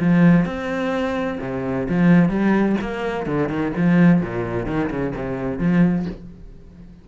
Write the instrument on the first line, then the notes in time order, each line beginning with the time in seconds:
cello
0.00 F3
0.46 C4
1.41 C3
1.89 F3
2.29 G3
2.81 A#3
3.27 D3
3.49 D#3
3.77 F3
4.22 A#2
4.67 D#3
4.90 C#3
5.16 C3
5.59 F3